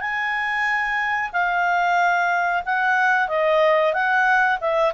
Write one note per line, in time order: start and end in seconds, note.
0.00 1.30 G#5
1.32 2.63 F5
2.65 3.28 F#5
3.28 3.93 D#5
3.93 4.58 F#5
4.60 4.93 E5